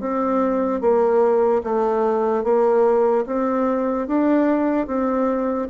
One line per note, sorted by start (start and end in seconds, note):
0.00 0.81 C4
0.81 1.62 A#3
1.63 2.44 A3
2.44 3.25 A#3
3.26 4.07 C4
4.07 4.87 D4
4.87 5.68 C4